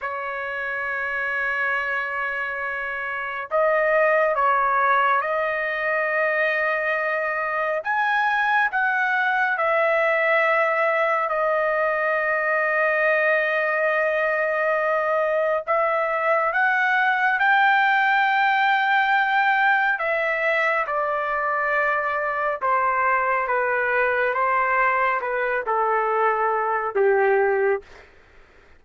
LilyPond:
\new Staff \with { instrumentName = "trumpet" } { \time 4/4 \tempo 4 = 69 cis''1 | dis''4 cis''4 dis''2~ | dis''4 gis''4 fis''4 e''4~ | e''4 dis''2.~ |
dis''2 e''4 fis''4 | g''2. e''4 | d''2 c''4 b'4 | c''4 b'8 a'4. g'4 | }